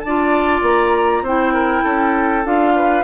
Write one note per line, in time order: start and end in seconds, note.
0.00 0.62 D4
0.00 1.23 D5
0.00 0.60 A5
0.07 1.26 F4
0.62 1.22 A#3
0.62 1.26 A#5
1.22 1.82 C4
1.22 2.45 E4
1.22 1.53 C5
1.22 2.46 G5
1.53 1.83 A#4
1.83 2.45 C#4
1.83 2.73 A4
2.45 3.04 D4
2.45 3.04 F4
2.45 3.04 F5
2.75 3.04 B4